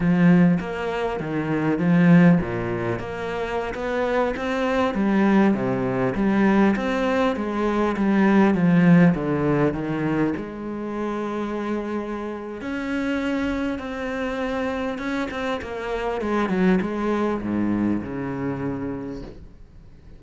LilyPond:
\new Staff \with { instrumentName = "cello" } { \time 4/4 \tempo 4 = 100 f4 ais4 dis4 f4 | ais,4 ais4~ ais16 b4 c'8.~ | c'16 g4 c4 g4 c'8.~ | c'16 gis4 g4 f4 d8.~ |
d16 dis4 gis2~ gis8.~ | gis4 cis'2 c'4~ | c'4 cis'8 c'8 ais4 gis8 fis8 | gis4 gis,4 cis2 | }